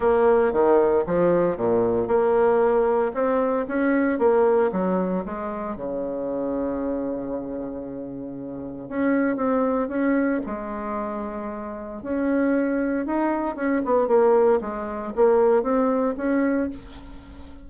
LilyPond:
\new Staff \with { instrumentName = "bassoon" } { \time 4/4 \tempo 4 = 115 ais4 dis4 f4 ais,4 | ais2 c'4 cis'4 | ais4 fis4 gis4 cis4~ | cis1~ |
cis4 cis'4 c'4 cis'4 | gis2. cis'4~ | cis'4 dis'4 cis'8 b8 ais4 | gis4 ais4 c'4 cis'4 | }